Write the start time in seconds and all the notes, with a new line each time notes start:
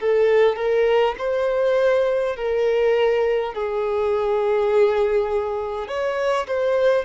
0.00 A4
0.56 A#4
1.19 C5
2.36 A#4
3.54 G#4
5.88 C#5
6.48 C5